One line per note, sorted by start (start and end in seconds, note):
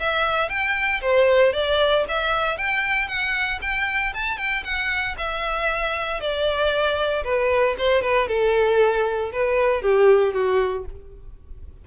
0.00 0.49 E5
0.49 1.01 G5
1.01 1.53 C5
1.53 2.05 D5
2.09 2.58 E5
2.58 3.08 G5
3.08 3.59 F#5
3.62 4.13 G5
4.14 4.38 A5
4.38 4.64 G5
4.64 5.16 F#5
5.18 6.20 E5
6.20 7.24 D5
7.24 7.76 B4
7.78 8.02 C5
8.02 8.28 B4
8.28 9.32 A4
9.33 9.82 B4
9.82 10.34 G4
10.34 10.86 F#4